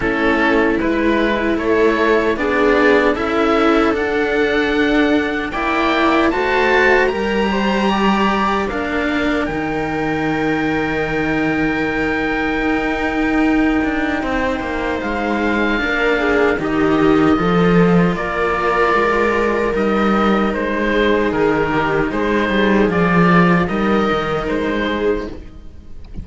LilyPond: <<
  \new Staff \with { instrumentName = "oboe" } { \time 4/4 \tempo 4 = 76 a'4 b'4 cis''4 d''4 | e''4 fis''2 g''4 | a''4 ais''2 f''4 | g''1~ |
g''2. f''4~ | f''4 dis''2 d''4~ | d''4 dis''4 c''4 ais'4 | c''4 d''4 dis''4 c''4 | }
  \new Staff \with { instrumentName = "viola" } { \time 4/4 e'2 a'4 gis'4 | a'2. d''4 | c''4 ais'8 c''8 d''4 ais'4~ | ais'1~ |
ais'2 c''2 | ais'8 gis'8 g'4 a'4 ais'4~ | ais'2~ ais'8 gis'4 g'8 | gis'2 ais'4. gis'8 | }
  \new Staff \with { instrumentName = "cello" } { \time 4/4 cis'4 e'2 d'4 | e'4 d'2 e'4 | fis'4 g'2 d'4 | dis'1~ |
dis'1 | d'4 dis'4 f'2~ | f'4 dis'2.~ | dis'4 f'4 dis'2 | }
  \new Staff \with { instrumentName = "cello" } { \time 4/4 a4 gis4 a4 b4 | cis'4 d'2 ais4 | a4 g2 ais4 | dis1 |
dis'4. d'8 c'8 ais8 gis4 | ais4 dis4 f4 ais4 | gis4 g4 gis4 dis4 | gis8 g8 f4 g8 dis8 gis4 | }
>>